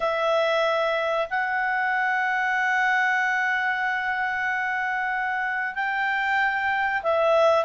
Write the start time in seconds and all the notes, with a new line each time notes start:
0.00 E5
1.30 F#5
5.74 G5
7.02 E5